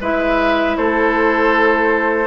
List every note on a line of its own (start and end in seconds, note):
0.00 0.76 G#3
0.00 2.26 E4
0.00 0.76 B4
0.00 0.76 E5
0.76 2.26 A3
0.76 2.26 A4
0.76 2.26 C5